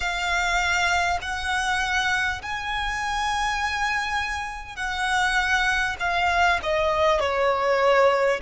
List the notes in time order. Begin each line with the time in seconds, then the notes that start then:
0.00 F5
1.21 F#5
2.42 G#5
4.76 F#5
5.99 F5
6.63 D#5
7.19 C#5